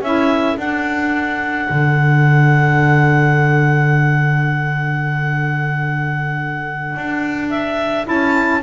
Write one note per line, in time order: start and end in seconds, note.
0.00 0.57 C#4
0.00 0.58 E4
0.00 8.61 A4
0.00 0.59 E5
0.57 1.68 D4
0.57 8.04 D4
0.57 7.50 F#5
1.70 6.96 D3
6.96 8.08 D4
7.50 8.06 E5
8.04 8.63 C#4
8.04 8.59 E4
8.04 8.63 A5